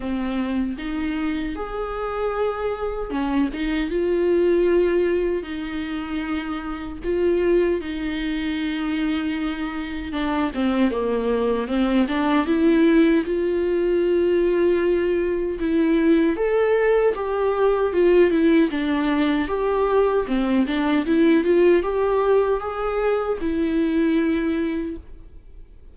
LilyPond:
\new Staff \with { instrumentName = "viola" } { \time 4/4 \tempo 4 = 77 c'4 dis'4 gis'2 | cis'8 dis'8 f'2 dis'4~ | dis'4 f'4 dis'2~ | dis'4 d'8 c'8 ais4 c'8 d'8 |
e'4 f'2. | e'4 a'4 g'4 f'8 e'8 | d'4 g'4 c'8 d'8 e'8 f'8 | g'4 gis'4 e'2 | }